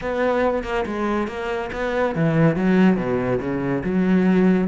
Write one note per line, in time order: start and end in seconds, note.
0.01 0.63 B3
0.63 0.85 A#3
0.86 1.27 G#3
1.27 1.70 A#3
1.72 2.15 B3
2.15 2.56 E3
2.56 2.96 F#3
2.96 3.39 B2
3.40 3.83 C#3
3.84 4.67 F#3